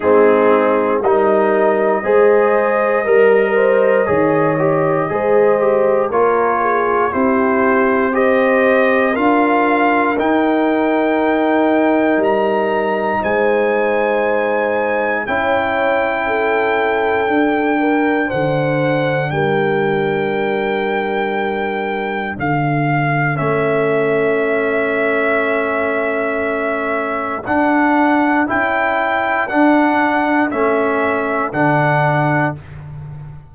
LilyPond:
<<
  \new Staff \with { instrumentName = "trumpet" } { \time 4/4 \tempo 4 = 59 gis'4 dis''2.~ | dis''2 cis''4 c''4 | dis''4 f''4 g''2 | ais''4 gis''2 g''4~ |
g''2 fis''4 g''4~ | g''2 f''4 e''4~ | e''2. fis''4 | g''4 fis''4 e''4 fis''4 | }
  \new Staff \with { instrumentName = "horn" } { \time 4/4 dis'4 ais'4 c''4 ais'8 c''8 | cis''4 c''4 ais'8 gis'8 g'4 | c''4 ais'2.~ | ais'4 c''2 cis''4 |
a'4. ais'8 c''4 ais'4~ | ais'2 a'2~ | a'1~ | a'1 | }
  \new Staff \with { instrumentName = "trombone" } { \time 4/4 c'4 dis'4 gis'4 ais'4 | gis'8 g'8 gis'8 g'8 f'4 e'4 | g'4 f'4 dis'2~ | dis'2. e'4~ |
e'4 d'2.~ | d'2. cis'4~ | cis'2. d'4 | e'4 d'4 cis'4 d'4 | }
  \new Staff \with { instrumentName = "tuba" } { \time 4/4 gis4 g4 gis4 g4 | dis4 gis4 ais4 c'4~ | c'4 d'4 dis'2 | g4 gis2 cis'4~ |
cis'4 d'4 d4 g4~ | g2 d4 a4~ | a2. d'4 | cis'4 d'4 a4 d4 | }
>>